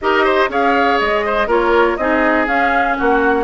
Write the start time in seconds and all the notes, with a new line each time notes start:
0.01 D#4 G4 A#4 D#5
0.24 C5
0.48 C#4 G#4 C#5 F5
0.99 G#3 D#5
1.25 C5
1.46 A#3 F4 A#4 C#5
1.96 C4 D#4 G#4 D#5
2.46 C#4 F5
2.97 A#3 F#4 F#5